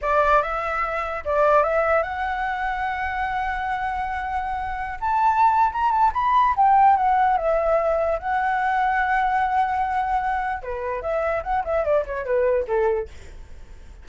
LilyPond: \new Staff \with { instrumentName = "flute" } { \time 4/4 \tempo 4 = 147 d''4 e''2 d''4 | e''4 fis''2.~ | fis''1~ | fis''16 a''4.~ a''16 ais''8 a''8 b''4 |
g''4 fis''4 e''2 | fis''1~ | fis''2 b'4 e''4 | fis''8 e''8 d''8 cis''8 b'4 a'4 | }